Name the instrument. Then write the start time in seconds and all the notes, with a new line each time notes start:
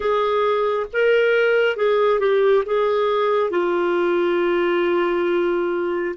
clarinet
0.00 G#4
0.93 A#4
1.76 G#4
2.19 G4
2.65 G#4
3.50 F4